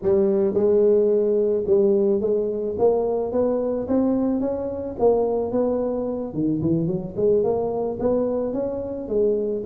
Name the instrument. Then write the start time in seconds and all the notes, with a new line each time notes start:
tuba
0.02 G3
0.54 G#3
1.66 G3
2.20 G#3
2.78 A#3
3.32 B3
3.88 C4
4.40 C#4
4.99 A#3
5.51 B3
6.33 D#3
6.61 E3
6.86 F#3
7.16 G#3
7.43 A#3
7.99 B3
8.53 C#4
9.08 G#3